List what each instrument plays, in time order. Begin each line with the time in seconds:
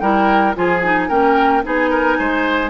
0.00 bassoon G3, clarinet E4, oboe A#4, flute G5
0.56 bassoon F3, clarinet F4, oboe G#4, flute G#5
0.83 clarinet D#4
1.08 bassoon A#3, clarinet C#4, oboe A#4, flute G5
1.63 bassoon B3, clarinet D#4, oboe G#4, flute G#5
1.91 oboe A#4
2.19 bassoon G#3, oboe C5